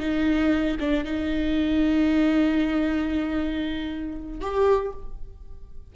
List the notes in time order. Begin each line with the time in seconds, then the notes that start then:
0.00 D#4
0.80 D4
1.05 D#4
4.41 G4